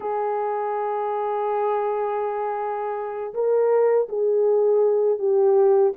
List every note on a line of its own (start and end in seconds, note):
0.00 3.33 G#4
3.33 4.07 A#4
4.08 5.18 G#4
5.18 5.92 G4